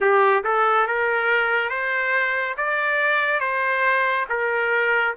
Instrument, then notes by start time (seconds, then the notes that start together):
trumpet
0.00 G4
0.44 A4
0.87 A#4
1.69 C5
2.57 D5
3.40 C5
4.29 A#4